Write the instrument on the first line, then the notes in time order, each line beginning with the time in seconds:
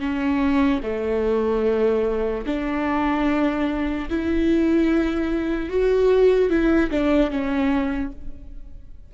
viola
0.00 C#4
0.83 A3
2.46 D4
4.09 E4
5.69 F#4
6.50 E4
6.91 D4
7.30 C#4